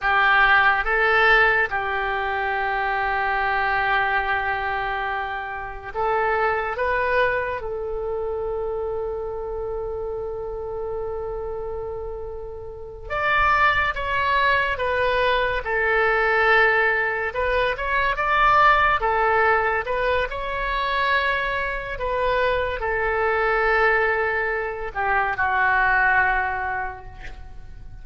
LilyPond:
\new Staff \with { instrumentName = "oboe" } { \time 4/4 \tempo 4 = 71 g'4 a'4 g'2~ | g'2. a'4 | b'4 a'2.~ | a'2.~ a'8 d''8~ |
d''8 cis''4 b'4 a'4.~ | a'8 b'8 cis''8 d''4 a'4 b'8 | cis''2 b'4 a'4~ | a'4. g'8 fis'2 | }